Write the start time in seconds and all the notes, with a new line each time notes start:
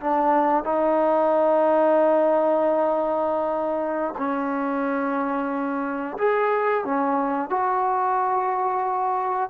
0.00 D4
0.64 D#4
4.17 C#4
6.18 G#4
6.85 C#4
7.50 F#4